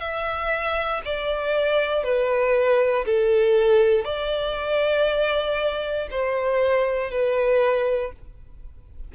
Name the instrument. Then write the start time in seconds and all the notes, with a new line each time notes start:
violin
0.00 E5
1.05 D5
2.04 B4
3.06 A4
4.05 D5
6.11 C5
7.11 B4